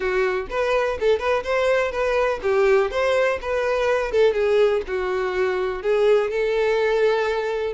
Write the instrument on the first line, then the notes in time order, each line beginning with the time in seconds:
violin
0.00 F#4
0.50 B4
0.99 A4
1.19 B4
1.43 C5
1.91 B4
2.42 G4
2.90 C5
3.41 B4
4.11 A4
4.33 G#4
4.87 F#4
5.82 G#4
6.30 A4